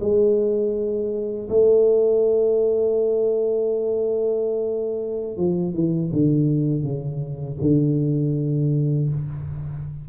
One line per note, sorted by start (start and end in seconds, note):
0.00 1.48 G#3
1.49 5.37 A3
5.37 5.74 F3
5.74 6.11 E3
6.12 6.83 D3
6.83 7.57 C#3
7.61 9.09 D3